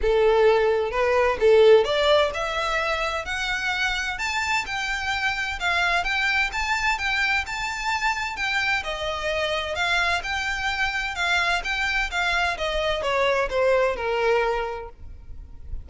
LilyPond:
\new Staff \with { instrumentName = "violin" } { \time 4/4 \tempo 4 = 129 a'2 b'4 a'4 | d''4 e''2 fis''4~ | fis''4 a''4 g''2 | f''4 g''4 a''4 g''4 |
a''2 g''4 dis''4~ | dis''4 f''4 g''2 | f''4 g''4 f''4 dis''4 | cis''4 c''4 ais'2 | }